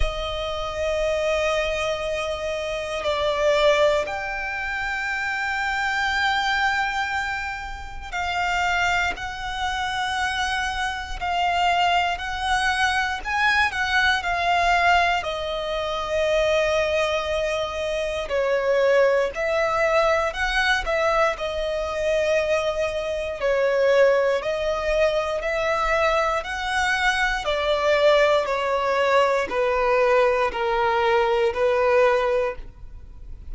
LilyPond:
\new Staff \with { instrumentName = "violin" } { \time 4/4 \tempo 4 = 59 dis''2. d''4 | g''1 | f''4 fis''2 f''4 | fis''4 gis''8 fis''8 f''4 dis''4~ |
dis''2 cis''4 e''4 | fis''8 e''8 dis''2 cis''4 | dis''4 e''4 fis''4 d''4 | cis''4 b'4 ais'4 b'4 | }